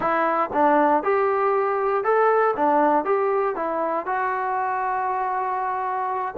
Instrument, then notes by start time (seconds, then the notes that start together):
trombone
0.00 E4
0.53 D4
1.03 G4
2.04 A4
2.56 D4
3.05 G4
3.55 E4
4.06 F#4